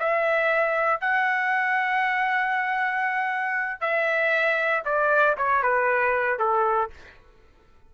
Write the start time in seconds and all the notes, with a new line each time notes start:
0.00 E5
1.01 F#5
3.81 E5
4.86 D5
5.38 C#5
5.63 B4
6.39 A4